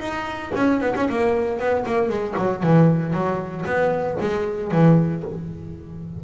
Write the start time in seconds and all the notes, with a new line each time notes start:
0.00 D#4
0.55 C#4
0.81 B3
0.96 C#4
1.09 A#3
1.59 B3
1.86 A#3
2.09 G#3
2.37 F#3
2.63 E3
3.13 F#3
3.66 B3
4.20 G#3
4.71 E3